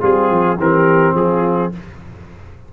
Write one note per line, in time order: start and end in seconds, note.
0.00 0.30 G3
0.00 0.58 C4
0.00 0.57 F4
0.00 0.60 G#4
0.30 0.58 F3
0.59 1.14 E3
0.59 1.72 C4
0.59 1.15 G4
0.59 1.16 A#4
1.14 1.71 F3
1.14 1.72 F4
1.14 1.72 G#4